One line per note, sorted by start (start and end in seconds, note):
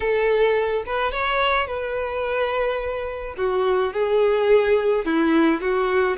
0.00 0.84 A4
0.86 1.11 B4
1.11 1.67 C#5
1.67 3.35 B4
3.37 3.93 F#4
3.93 5.05 G#4
5.05 5.61 E4
5.61 6.17 F#4